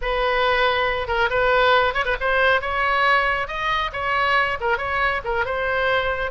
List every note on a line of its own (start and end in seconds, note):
0.01 1.07 B4
1.07 1.29 A#4
1.30 1.94 B4
1.94 2.05 C#5
2.05 2.16 B4
2.20 2.61 C5
2.61 3.47 C#5
3.47 3.91 D#5
3.92 4.58 C#5
4.60 4.77 A#4
4.77 5.21 C#5
5.24 5.45 A#4
5.45 6.31 C5